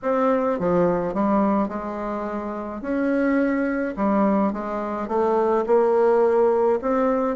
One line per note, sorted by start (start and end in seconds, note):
0.02 0.59 C4
0.59 1.14 F3
1.14 1.68 G3
1.68 2.81 G#3
2.81 3.94 C#4
3.96 4.53 G3
4.53 5.08 G#3
5.08 5.64 A3
5.66 6.79 A#3
6.81 7.36 C4